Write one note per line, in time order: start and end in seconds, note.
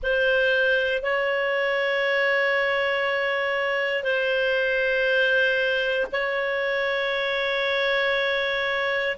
0.02 1.02 C5
1.02 4.03 C#5
4.03 6.06 C5
6.12 9.17 C#5